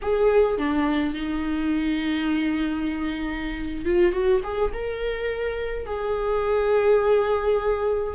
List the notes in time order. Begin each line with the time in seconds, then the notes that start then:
0.02 G#4
0.57 D4
1.14 D#4
3.85 F4
4.12 F#4
4.43 G#4
4.73 A#4
5.86 G#4